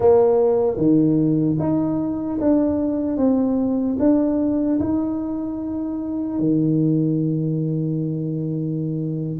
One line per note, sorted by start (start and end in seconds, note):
0.00 0.76 A#3
0.76 1.56 D#3
1.59 2.39 D#4
2.40 3.17 D4
3.17 3.97 C4
3.99 4.79 D4
4.79 6.39 D#4
6.39 9.39 D#3